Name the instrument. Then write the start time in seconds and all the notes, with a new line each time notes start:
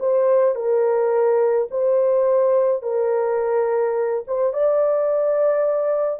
horn
0.00 C5
0.56 A#4
1.71 C5
2.83 A#4
4.28 C5
4.53 D5